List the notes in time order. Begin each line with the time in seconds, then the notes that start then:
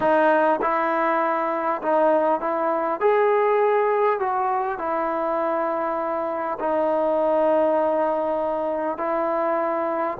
0.00 D#4
0.61 E4
1.82 D#4
2.40 E4
3.00 G#4
4.19 F#4
4.78 E4
6.59 D#4
8.97 E4